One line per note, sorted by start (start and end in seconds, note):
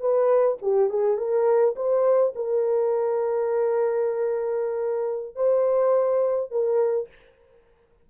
0.00 0.58 B4
0.62 0.90 G4
0.90 1.17 G#4
1.17 1.75 A#4
1.76 2.33 C5
2.35 5.35 A#4
5.35 6.51 C5
6.51 7.09 A#4